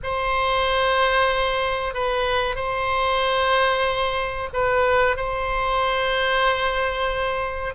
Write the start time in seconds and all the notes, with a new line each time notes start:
0.03 C5
1.94 B4
2.55 C5
4.53 B4
5.16 C5